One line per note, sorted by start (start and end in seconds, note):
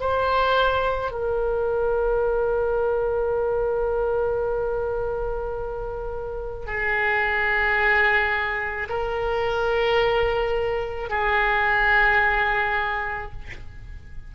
0.00 1.11 C5
1.11 6.66 A#4
6.66 8.88 G#4
8.89 11.10 A#4
11.10 13.32 G#4